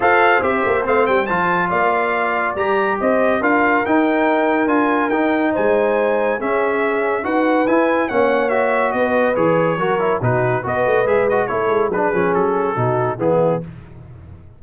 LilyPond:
<<
  \new Staff \with { instrumentName = "trumpet" } { \time 4/4 \tempo 4 = 141 f''4 e''4 f''8 g''8 a''4 | f''2 ais''4 dis''4 | f''4 g''2 gis''4 | g''4 gis''2 e''4~ |
e''4 fis''4 gis''4 fis''4 | e''4 dis''4 cis''2 | b'4 dis''4 e''8 dis''8 cis''4 | b'4 a'2 gis'4 | }
  \new Staff \with { instrumentName = "horn" } { \time 4/4 c''1 | d''2. c''4 | ais'1~ | ais'4 c''2 gis'4~ |
gis'4 b'2 cis''4~ | cis''4 b'2 ais'4 | fis'4 b'2 a'4 | gis'2 fis'4 e'4 | }
  \new Staff \with { instrumentName = "trombone" } { \time 4/4 a'4 g'4 c'4 f'4~ | f'2 g'2 | f'4 dis'2 f'4 | dis'2. cis'4~ |
cis'4 fis'4 e'4 cis'4 | fis'2 gis'4 fis'8 e'8 | dis'4 fis'4 gis'8 fis'8 e'4 | d'8 cis'4. dis'4 b4 | }
  \new Staff \with { instrumentName = "tuba" } { \time 4/4 f'4 c'8 ais8 a8 g8 f4 | ais2 g4 c'4 | d'4 dis'2 d'4 | dis'4 gis2 cis'4~ |
cis'4 dis'4 e'4 ais4~ | ais4 b4 e4 fis4 | b,4 b8 a8 gis4 a8 gis8 | fis8 f8 fis4 b,4 e4 | }
>>